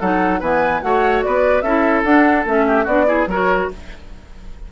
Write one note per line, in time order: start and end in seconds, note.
0.00 0.41 F#3
0.00 0.41 D#4
0.00 0.40 A4
0.00 0.41 F#5
0.40 0.82 E3
0.40 0.82 B3
0.40 0.81 B4
0.40 0.82 G#5
0.82 1.24 A3
0.82 1.64 F#4
0.82 1.25 C#5
0.82 1.23 F#5
1.23 1.62 B3
1.23 1.63 B4
1.23 1.62 D5
1.62 2.03 C#4
1.62 2.06 E4
1.62 2.65 A4
1.62 2.02 E5
2.04 2.45 D4
2.04 2.46 D4
2.04 2.45 F#5
2.45 2.86 A3
2.45 2.87 C#4
2.45 2.87 E5
2.67 2.84 G4
2.84 3.27 B3
2.84 3.07 D4
2.84 3.05 F#4
2.84 3.28 D5
3.07 3.27 E4
3.07 3.28 G#4
3.27 3.68 F#3
3.27 3.72 F#4
3.27 3.71 A#4
3.27 3.71 C#5